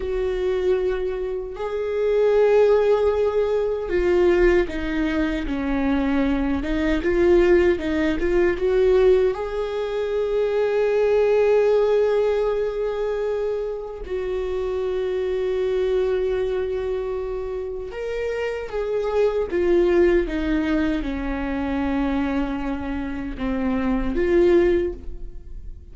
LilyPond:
\new Staff \with { instrumentName = "viola" } { \time 4/4 \tempo 4 = 77 fis'2 gis'2~ | gis'4 f'4 dis'4 cis'4~ | cis'8 dis'8 f'4 dis'8 f'8 fis'4 | gis'1~ |
gis'2 fis'2~ | fis'2. ais'4 | gis'4 f'4 dis'4 cis'4~ | cis'2 c'4 f'4 | }